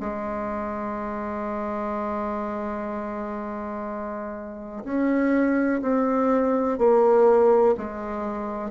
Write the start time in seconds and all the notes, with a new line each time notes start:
0.00 G#3
4.84 C#4
5.82 C4
6.78 A#3
7.78 G#3